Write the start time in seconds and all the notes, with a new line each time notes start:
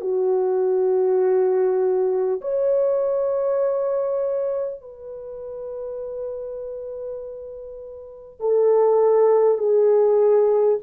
0.00 F#4
2.41 C#5
4.81 B4
8.39 A4
9.58 G#4